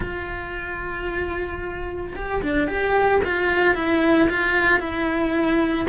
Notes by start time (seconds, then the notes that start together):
0.00 F4
2.15 G4
2.42 D4
2.67 G4
3.23 F4
3.75 E4
4.29 F4
4.79 E4